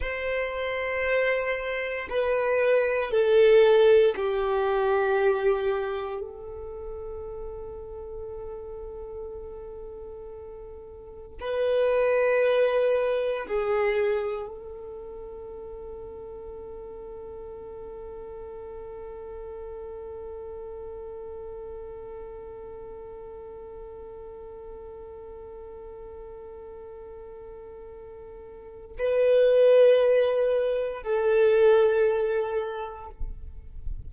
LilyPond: \new Staff \with { instrumentName = "violin" } { \time 4/4 \tempo 4 = 58 c''2 b'4 a'4 | g'2 a'2~ | a'2. b'4~ | b'4 gis'4 a'2~ |
a'1~ | a'1~ | a'1 | b'2 a'2 | }